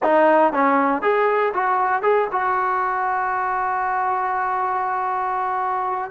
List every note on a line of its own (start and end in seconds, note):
0.03 0.52 D#4
0.52 1.02 C#4
1.02 1.53 G#4
1.53 2.02 F#4
2.02 2.27 G#4
2.31 6.11 F#4